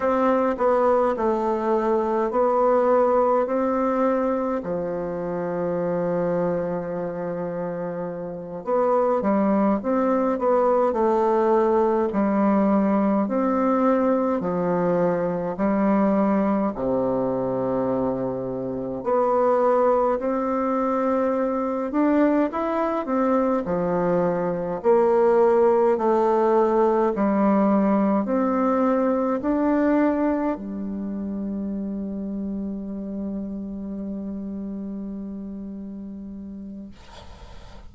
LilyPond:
\new Staff \with { instrumentName = "bassoon" } { \time 4/4 \tempo 4 = 52 c'8 b8 a4 b4 c'4 | f2.~ f8 b8 | g8 c'8 b8 a4 g4 c'8~ | c'8 f4 g4 c4.~ |
c8 b4 c'4. d'8 e'8 | c'8 f4 ais4 a4 g8~ | g8 c'4 d'4 g4.~ | g1 | }